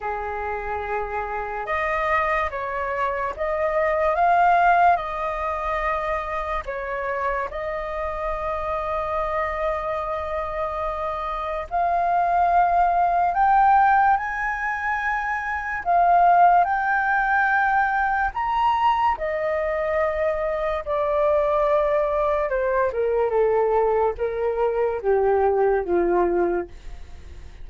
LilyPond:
\new Staff \with { instrumentName = "flute" } { \time 4/4 \tempo 4 = 72 gis'2 dis''4 cis''4 | dis''4 f''4 dis''2 | cis''4 dis''2.~ | dis''2 f''2 |
g''4 gis''2 f''4 | g''2 ais''4 dis''4~ | dis''4 d''2 c''8 ais'8 | a'4 ais'4 g'4 f'4 | }